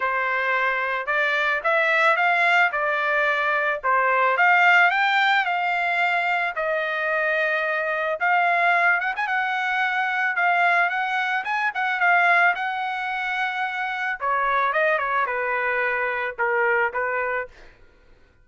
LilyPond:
\new Staff \with { instrumentName = "trumpet" } { \time 4/4 \tempo 4 = 110 c''2 d''4 e''4 | f''4 d''2 c''4 | f''4 g''4 f''2 | dis''2. f''4~ |
f''8 fis''16 gis''16 fis''2 f''4 | fis''4 gis''8 fis''8 f''4 fis''4~ | fis''2 cis''4 dis''8 cis''8 | b'2 ais'4 b'4 | }